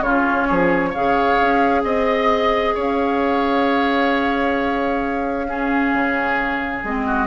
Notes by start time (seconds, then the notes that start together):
0.00 C#3 C#4 F4 C#5
0.48 F3 G#4
0.90 C#3 G#4 C#5 F5
1.41 C#4
1.84 C4 D#5
2.75 C#4 C#5 F5
5.48 C#4 G#4
5.94 C#3
6.83 G#3 C4 D#5
7.07 F#4